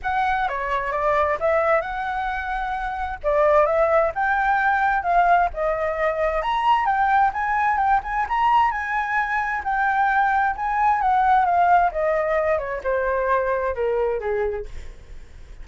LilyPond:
\new Staff \with { instrumentName = "flute" } { \time 4/4 \tempo 4 = 131 fis''4 cis''4 d''4 e''4 | fis''2. d''4 | e''4 g''2 f''4 | dis''2 ais''4 g''4 |
gis''4 g''8 gis''8 ais''4 gis''4~ | gis''4 g''2 gis''4 | fis''4 f''4 dis''4. cis''8 | c''2 ais'4 gis'4 | }